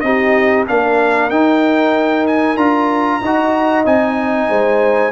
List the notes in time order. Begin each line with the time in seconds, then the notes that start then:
0.00 C4 D#4 G4 D#5
0.67 A#3 D4 A#4 F5
1.29 D#4 G5
2.26 G#5
2.56 D4 F4 A#5
3.21 D#4 F#4 D#5
3.85 C4 D#4 G#5
4.49 G#3 C5